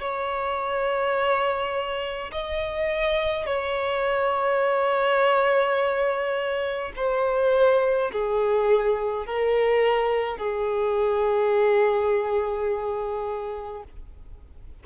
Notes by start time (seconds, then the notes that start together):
0.00 C#5
2.32 D#5
3.46 C#5
6.96 C5
8.12 G#4
9.26 A#4
10.37 G#4